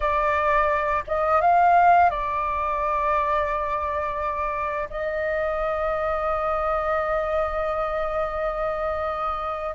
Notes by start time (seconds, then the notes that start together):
0.00 D5
1.07 D#5
1.41 F5
2.09 D5
4.90 D#5